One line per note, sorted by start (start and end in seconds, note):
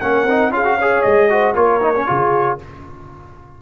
0.00 0.24 A#3
0.00 0.27 C#4
0.00 0.52 A#4
0.00 0.52 F#5
0.24 0.50 C4
0.24 0.51 D#4
0.50 1.02 C#4
0.50 0.64 F4
0.50 0.77 G#4
0.50 1.02 F5
0.64 0.77 F#4
0.77 1.29 G#4
0.77 1.29 C#5
1.02 1.55 G#3
1.02 1.53 D#5
1.29 1.55 F#4
1.29 1.54 C5
1.54 2.07 A#3
1.54 1.80 F4
1.54 2.05 A#4
1.54 2.58 C#5
1.81 1.94 D#4
1.95 2.06 C#4
2.06 2.61 C#3
2.06 2.58 F4
2.06 2.59 G#4